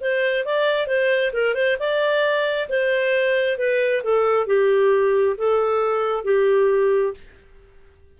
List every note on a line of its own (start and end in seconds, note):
0.00 0.44 C5
0.44 0.86 D5
0.86 1.31 C5
1.32 1.54 A#4
1.54 1.76 C5
1.79 2.68 D5
2.69 3.57 C5
3.57 4.02 B4
4.03 4.46 A4
4.46 5.35 G4
5.37 6.24 A4
6.24 7.14 G4